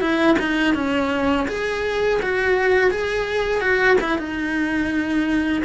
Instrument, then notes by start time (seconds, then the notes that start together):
cello
0.00 E4
0.39 D#4
0.74 C#4
1.48 G#4
2.22 F#4
2.90 G#4
3.61 F#4
4.01 E4
4.18 D#4